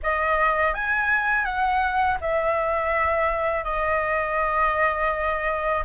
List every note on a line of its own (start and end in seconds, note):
0.02 0.74 D#5
0.74 1.44 G#5
1.44 2.18 F#5
2.21 3.64 E5
3.64 5.83 D#5